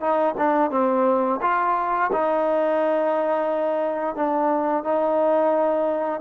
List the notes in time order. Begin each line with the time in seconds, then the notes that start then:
0.00 D#4
0.37 D4
0.71 C4
1.41 F4
2.12 D#4
4.15 D4
4.84 D#4